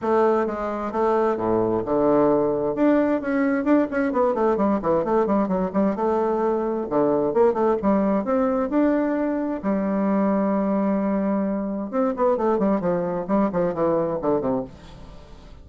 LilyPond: \new Staff \with { instrumentName = "bassoon" } { \time 4/4 \tempo 4 = 131 a4 gis4 a4 a,4 | d2 d'4 cis'4 | d'8 cis'8 b8 a8 g8 e8 a8 g8 | fis8 g8 a2 d4 |
ais8 a8 g4 c'4 d'4~ | d'4 g2.~ | g2 c'8 b8 a8 g8 | f4 g8 f8 e4 d8 c8 | }